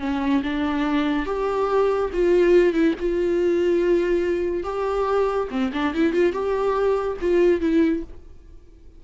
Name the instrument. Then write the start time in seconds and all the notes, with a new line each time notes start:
viola
0.00 C#4
0.43 D4
1.26 G4
2.13 F4
2.73 E4
3.00 F4
4.64 G4
5.51 C4
5.73 D4
5.95 E4
6.13 F4
6.33 G4
7.21 F4
7.61 E4